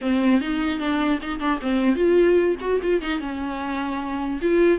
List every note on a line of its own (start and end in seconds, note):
0.01 0.40 C4
0.40 0.79 D#4
0.79 1.19 D4
1.22 1.39 D#4
1.39 1.59 D4
1.61 1.95 C4
1.95 2.55 F4
2.60 2.80 F#4
2.82 3.01 F4
3.01 3.19 D#4
3.19 4.39 C#4
4.41 4.78 F4